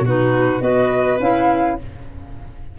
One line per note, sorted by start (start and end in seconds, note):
0.00 0.58 B2
0.00 0.63 F#4
0.07 0.60 D#4
0.07 0.62 B4
0.60 1.19 B3
0.60 1.18 F#4
0.60 1.78 B4
0.60 1.19 D#5
1.20 1.78 C#4
1.20 1.78 E4
1.20 1.79 F5